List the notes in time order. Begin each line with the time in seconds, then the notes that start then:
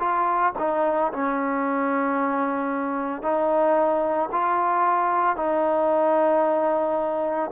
0.00 F4
0.59 D#4
1.13 C#4
3.23 D#4
4.32 F4
5.37 D#4